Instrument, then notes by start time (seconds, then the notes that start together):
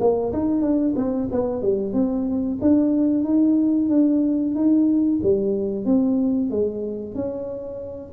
tuba
0.00 A#3
0.33 D#4
0.62 D4
0.96 C4
1.32 B3
1.62 G3
1.93 C4
2.61 D4
3.24 D#4
3.90 D4
4.55 D#4
5.23 G3
5.85 C4
6.51 G#3
7.15 C#4